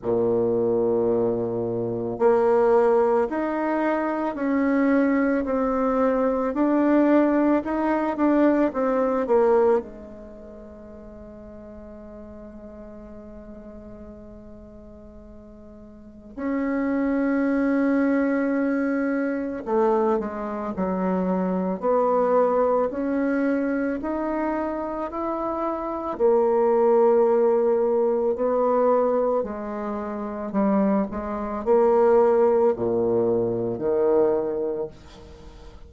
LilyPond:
\new Staff \with { instrumentName = "bassoon" } { \time 4/4 \tempo 4 = 55 ais,2 ais4 dis'4 | cis'4 c'4 d'4 dis'8 d'8 | c'8 ais8 gis2.~ | gis2. cis'4~ |
cis'2 a8 gis8 fis4 | b4 cis'4 dis'4 e'4 | ais2 b4 gis4 | g8 gis8 ais4 ais,4 dis4 | }